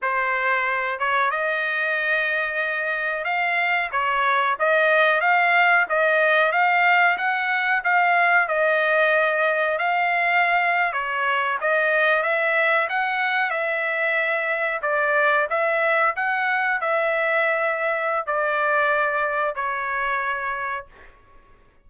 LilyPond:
\new Staff \with { instrumentName = "trumpet" } { \time 4/4 \tempo 4 = 92 c''4. cis''8 dis''2~ | dis''4 f''4 cis''4 dis''4 | f''4 dis''4 f''4 fis''4 | f''4 dis''2 f''4~ |
f''8. cis''4 dis''4 e''4 fis''16~ | fis''8. e''2 d''4 e''16~ | e''8. fis''4 e''2~ e''16 | d''2 cis''2 | }